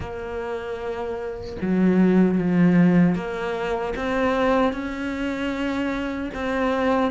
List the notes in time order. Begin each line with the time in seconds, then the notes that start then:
0.00 A#3
1.61 F#3
2.38 F3
3.15 A#3
3.96 C4
4.72 C#4
6.34 C4